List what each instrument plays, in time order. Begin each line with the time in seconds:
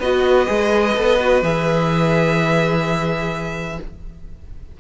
0.00 cello B3, viola F#4, violin B4 D#5
0.47 cello G#3, viola G#4
0.97 cello B3, viola A4
1.20 viola F#4
1.42 cello E3, viola G#4, violin E5